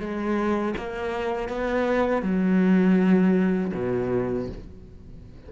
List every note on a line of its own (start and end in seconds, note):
0.00 0.75 G#3
0.77 1.49 A#3
1.49 2.23 B3
2.23 3.73 F#3
3.74 4.49 B2